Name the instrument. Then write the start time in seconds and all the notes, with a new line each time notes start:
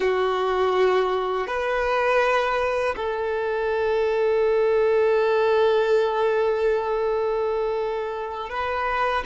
violin
0.00 F#4
1.47 B4
2.96 A4
8.49 B4